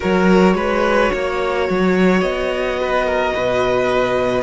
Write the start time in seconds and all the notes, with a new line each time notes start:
0.00 F#3 F#4 A#4 C#5
0.54 G#3 B4
1.12 A#3 C#5
1.69 F#3
2.21 B3 D#5
2.80 B4
3.06 A#4
3.33 B2 B4